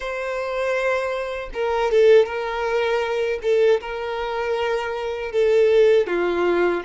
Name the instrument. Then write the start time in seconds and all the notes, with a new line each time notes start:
violin
0.00 C5
1.53 A#4
1.91 A4
2.25 A#4
3.42 A4
3.80 A#4
5.32 A4
6.07 F4